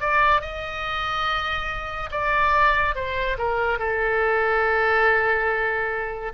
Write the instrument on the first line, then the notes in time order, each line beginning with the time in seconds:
oboe
0.00 D5
0.41 D#5
2.11 D5
2.95 C5
3.38 A#4
3.79 A4